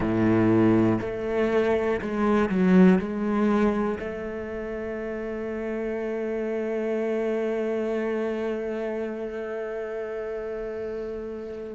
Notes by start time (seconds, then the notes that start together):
0.00 A2
1.00 A3
2.01 G#3
2.49 F#3
2.98 G#3
4.00 A3